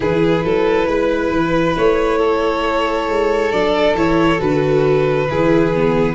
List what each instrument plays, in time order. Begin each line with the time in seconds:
0.00 tuba E3, viola E4, violin G#4 B4
0.44 tuba F#3, violin A4
0.86 tuba G#3, violin B4
1.30 tuba E3
1.76 tuba A3, violin C#5
2.18 violin A4
3.08 tuba G#3
3.51 tuba F#3, viola D4, violin D5
3.94 tuba E3, viola E4, violin C#5
4.38 tuba D3, viola F#4, violin B4
5.30 tuba E3, viola E4, violin G#4
5.74 viola B3